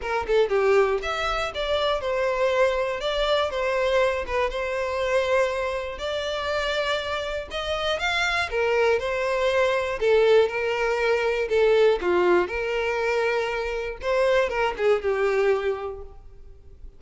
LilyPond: \new Staff \with { instrumentName = "violin" } { \time 4/4 \tempo 4 = 120 ais'8 a'8 g'4 e''4 d''4 | c''2 d''4 c''4~ | c''8 b'8 c''2. | d''2. dis''4 |
f''4 ais'4 c''2 | a'4 ais'2 a'4 | f'4 ais'2. | c''4 ais'8 gis'8 g'2 | }